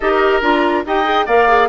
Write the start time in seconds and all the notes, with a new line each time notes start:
0.00 D#4 G4 A#4 D#5
0.42 D4 F4 A#5
0.85 D#4 G4 D#5 G5
1.04 G#4
1.26 A#3 A#4 D5 F5
1.48 G#4